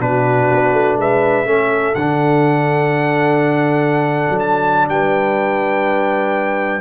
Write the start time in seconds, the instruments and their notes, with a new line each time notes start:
0.00 tuba B2, trombone D4, horn F#4, trumpet B4
0.51 tuba B3
0.73 tuba A3
0.97 tuba G#3, horn B4, trumpet E5
1.45 tuba A3, trombone C#4, horn A4
1.95 tuba D3, trombone D4, trumpet F#5
4.30 tuba F#3
4.40 trumpet A5
4.88 tuba G3, horn B4, trumpet G5